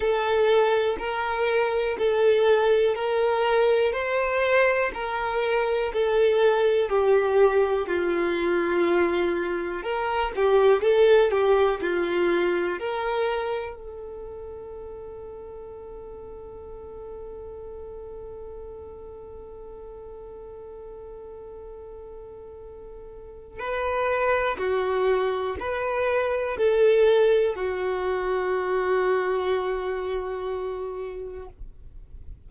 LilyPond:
\new Staff \with { instrumentName = "violin" } { \time 4/4 \tempo 4 = 61 a'4 ais'4 a'4 ais'4 | c''4 ais'4 a'4 g'4 | f'2 ais'8 g'8 a'8 g'8 | f'4 ais'4 a'2~ |
a'1~ | a'1 | b'4 fis'4 b'4 a'4 | fis'1 | }